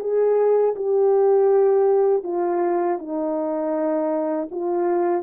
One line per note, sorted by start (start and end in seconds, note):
0.00 0.75 G#4
0.76 2.24 G4
2.24 2.99 F4
2.99 4.49 D#4
4.51 5.23 F4